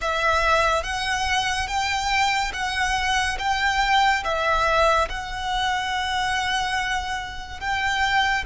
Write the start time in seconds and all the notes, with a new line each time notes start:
0.01 E5
0.83 F#5
1.67 G5
2.53 F#5
3.38 G5
4.24 E5
5.09 F#5
7.59 G5